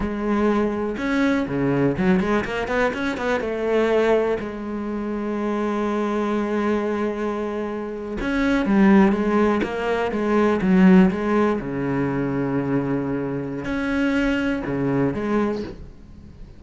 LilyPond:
\new Staff \with { instrumentName = "cello" } { \time 4/4 \tempo 4 = 123 gis2 cis'4 cis4 | fis8 gis8 ais8 b8 cis'8 b8 a4~ | a4 gis2.~ | gis1~ |
gis8. cis'4 g4 gis4 ais16~ | ais8. gis4 fis4 gis4 cis16~ | cis1 | cis'2 cis4 gis4 | }